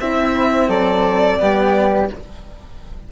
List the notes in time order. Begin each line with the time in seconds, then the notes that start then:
0.00 C4 E4 E5
0.68 F#3 A4 D5
1.40 G3 B3 G4